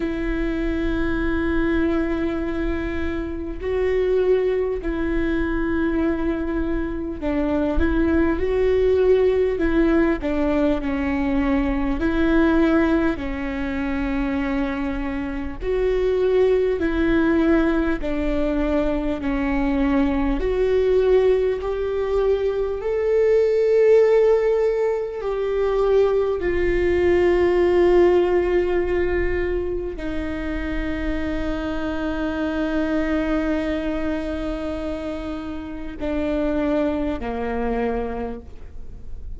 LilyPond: \new Staff \with { instrumentName = "viola" } { \time 4/4 \tempo 4 = 50 e'2. fis'4 | e'2 d'8 e'8 fis'4 | e'8 d'8 cis'4 e'4 cis'4~ | cis'4 fis'4 e'4 d'4 |
cis'4 fis'4 g'4 a'4~ | a'4 g'4 f'2~ | f'4 dis'2.~ | dis'2 d'4 ais4 | }